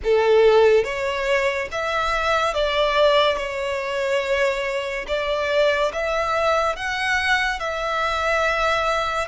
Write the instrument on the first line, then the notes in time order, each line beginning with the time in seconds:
violin
0.03 A4
0.84 C#5
1.71 E5
2.54 D5
3.36 C#5
5.07 D5
5.92 E5
6.76 F#5
7.59 E5